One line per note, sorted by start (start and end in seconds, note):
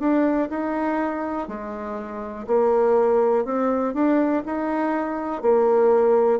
0.00 0.49 D4
0.50 1.48 D#4
1.48 2.47 G#3
2.47 3.45 A#3
3.45 3.94 C4
3.94 4.44 D4
4.46 5.42 D#4
5.42 6.40 A#3